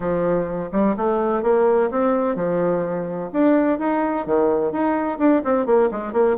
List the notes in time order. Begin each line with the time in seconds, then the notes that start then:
0.00 F3
0.72 G3
0.96 A3
1.42 A#3
1.90 C4
2.35 F3
3.32 D4
3.78 D#4
4.25 D#3
4.72 D#4
5.18 D4
5.44 C4
5.66 A#3
5.91 G#3
6.12 A#3